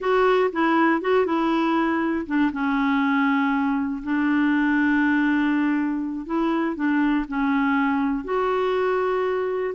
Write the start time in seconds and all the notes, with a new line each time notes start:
0.00 F#4
0.52 E4
1.01 F#4
1.25 E4
2.26 D4
2.52 C#4
4.03 D4
6.25 E4
6.75 D4
7.27 C#4
8.24 F#4